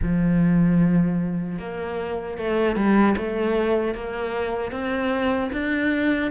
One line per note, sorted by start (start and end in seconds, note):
0.02 1.58 F3
1.58 2.37 A#3
2.37 2.76 A3
2.76 3.15 G3
3.17 3.94 A3
3.94 4.71 A#3
4.71 5.50 C4
5.52 6.31 D4